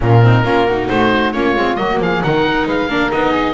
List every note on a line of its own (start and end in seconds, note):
0.00 0.44 A#2
0.00 0.21 C#4
0.00 0.23 F4
0.00 0.88 A#4
0.21 0.43 C4
0.21 0.44 D#4
0.43 0.88 A#3
0.43 0.65 C#4
0.43 0.66 F4
0.66 1.33 D#4
0.66 1.33 F#4
0.88 1.34 A3
0.88 1.32 C5
1.32 1.55 A#3
1.32 1.55 C#4
1.32 1.78 F4
1.32 1.76 C#5
1.55 1.77 G#3
1.55 1.77 C4
1.76 1.99 F#3
1.76 2.21 A#3
1.76 2.00 F#4
1.76 1.98 D#5
1.99 2.22 F3
1.99 2.23 G#4
1.99 2.22 F5
2.22 2.66 D#3
2.22 2.89 D#4
2.22 2.66 A#4
2.22 2.67 F#5
2.66 2.88 G#3
2.66 2.89 B4
2.66 3.11 F5
2.88 3.10 A#3
2.88 3.09 D4
2.88 3.30 A#4
3.09 3.54 B3
3.09 3.54 D#4
3.09 3.54 D#5
3.30 3.52 G#4